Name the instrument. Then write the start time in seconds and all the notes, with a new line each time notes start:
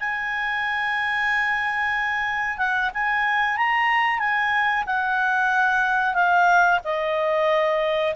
clarinet
0.00 G#5
2.58 F#5
2.94 G#5
3.57 A#5
4.19 G#5
4.86 F#5
6.14 F5
6.84 D#5